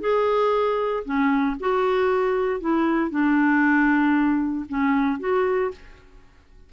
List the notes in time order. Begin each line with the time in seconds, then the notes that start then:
0.00 G#4
1.05 C#4
1.60 F#4
2.60 E4
3.10 D4
4.68 C#4
5.19 F#4